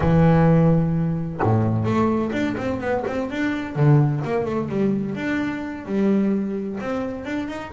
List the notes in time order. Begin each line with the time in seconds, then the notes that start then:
0.00 E3
1.42 A2
1.84 A3
2.32 D4
2.57 C4
2.80 B3
3.07 C4
3.30 D4
3.75 D3
4.24 A#3
4.45 A3
4.69 G3
5.15 D4
5.85 G3
6.80 C4
7.25 D4
7.48 D#4